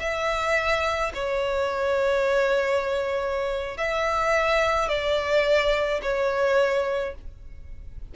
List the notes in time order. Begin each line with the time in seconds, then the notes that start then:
0.00 E5
1.14 C#5
3.78 E5
4.89 D5
6.03 C#5